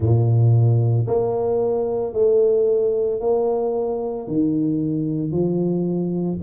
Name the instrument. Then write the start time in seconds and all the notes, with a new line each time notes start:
tuba
0.00 A#2
1.07 A#3
2.13 A3
3.20 A#3
4.27 D#3
5.31 F3